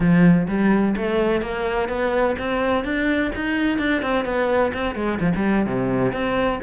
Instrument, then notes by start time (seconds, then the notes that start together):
cello
0.00 F3
0.47 G3
0.96 A3
1.41 A#3
1.89 B3
2.38 C4
2.84 D4
3.35 D#4
3.78 D4
4.02 C4
4.24 B3
4.73 C4
4.95 G#3
5.20 F3
5.35 G3
5.65 C3
6.12 C4